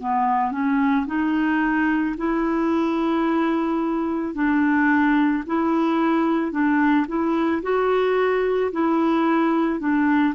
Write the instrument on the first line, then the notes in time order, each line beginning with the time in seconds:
clarinet
0.00 B3
0.52 C#4
1.07 D#4
2.17 E4
4.35 D4
5.46 E4
6.52 D4
7.08 E4
7.62 F#4
8.72 E4
9.80 D4